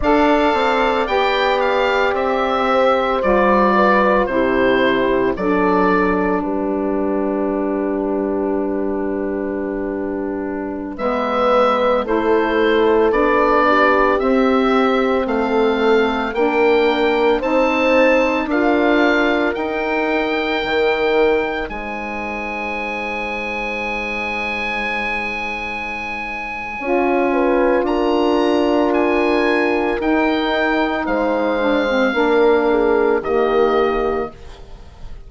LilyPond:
<<
  \new Staff \with { instrumentName = "oboe" } { \time 4/4 \tempo 4 = 56 f''4 g''8 f''8 e''4 d''4 | c''4 d''4 b'2~ | b'2~ b'16 e''4 c''8.~ | c''16 d''4 e''4 f''4 g''8.~ |
g''16 a''4 f''4 g''4.~ g''16~ | g''16 gis''2.~ gis''8.~ | gis''2 ais''4 gis''4 | g''4 f''2 dis''4 | }
  \new Staff \with { instrumentName = "horn" } { \time 4/4 d''2~ d''8 c''4 b'8 | g'4 a'4 g'2~ | g'2~ g'16 b'4 a'8.~ | a'8. g'4. a'4 ais'8.~ |
ais'16 c''4 ais'2~ ais'8.~ | ais'16 c''2.~ c''8.~ | c''4 cis''8 b'8 ais'2~ | ais'4 c''4 ais'8 gis'8 g'4 | }
  \new Staff \with { instrumentName = "saxophone" } { \time 4/4 a'4 g'2 f'4 | e'4 d'2.~ | d'2~ d'16 b4 e'8.~ | e'16 d'4 c'2 d'8.~ |
d'16 dis'4 f'4 dis'4.~ dis'16~ | dis'1~ | dis'4 f'2. | dis'4. d'16 c'16 d'4 ais4 | }
  \new Staff \with { instrumentName = "bassoon" } { \time 4/4 d'8 c'8 b4 c'4 g4 | c4 fis4 g2~ | g2~ g16 gis4 a8.~ | a16 b4 c'4 a4 ais8.~ |
ais16 c'4 d'4 dis'4 dis8.~ | dis16 gis2.~ gis8.~ | gis4 cis'4 d'2 | dis'4 gis4 ais4 dis4 | }
>>